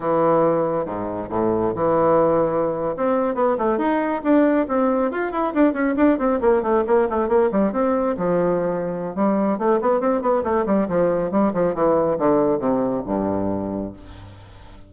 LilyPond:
\new Staff \with { instrumentName = "bassoon" } { \time 4/4 \tempo 4 = 138 e2 gis,4 a,4 | e2~ e8. c'4 b16~ | b16 a8 dis'4 d'4 c'4 f'16~ | f'16 e'8 d'8 cis'8 d'8 c'8 ais8 a8 ais16~ |
ais16 a8 ais8 g8 c'4 f4~ f16~ | f4 g4 a8 b8 c'8 b8 | a8 g8 f4 g8 f8 e4 | d4 c4 g,2 | }